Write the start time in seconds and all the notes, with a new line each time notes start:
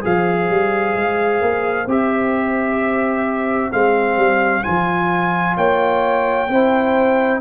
0.00 F3 G#4 C5 F5
0.49 G3
0.94 G#3
1.41 A#3
1.86 C4 G4 E5
3.72 G#3 C4 F5
4.16 G3
4.63 F3 F4 G#5
5.56 A#3 C#5 G5
6.48 C4 E4 C5